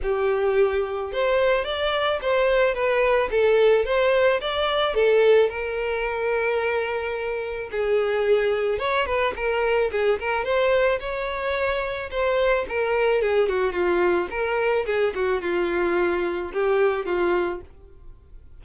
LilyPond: \new Staff \with { instrumentName = "violin" } { \time 4/4 \tempo 4 = 109 g'2 c''4 d''4 | c''4 b'4 a'4 c''4 | d''4 a'4 ais'2~ | ais'2 gis'2 |
cis''8 b'8 ais'4 gis'8 ais'8 c''4 | cis''2 c''4 ais'4 | gis'8 fis'8 f'4 ais'4 gis'8 fis'8 | f'2 g'4 f'4 | }